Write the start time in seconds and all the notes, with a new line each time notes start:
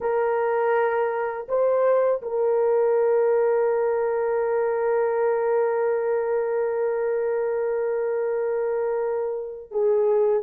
0.00 A#4
1.48 C5
2.22 A#4
9.71 G#4